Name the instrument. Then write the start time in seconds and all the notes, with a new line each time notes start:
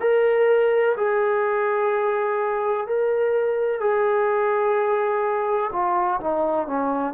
trombone
0.00 A#4
0.97 G#4
2.87 A#4
3.80 G#4
5.72 F4
6.20 D#4
6.67 C#4